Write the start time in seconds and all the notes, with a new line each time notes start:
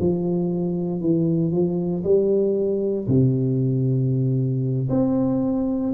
0.00 F3
1.01 E3
1.52 F3
2.04 G3
3.08 C3
4.90 C4